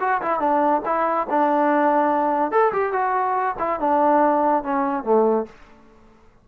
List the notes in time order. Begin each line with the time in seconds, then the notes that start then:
0.00 F#4
0.21 E4
0.39 D4
0.85 E4
1.29 D4
2.51 A4
2.72 G4
2.92 F#4
3.59 E4
3.79 D4
4.63 C#4
5.03 A3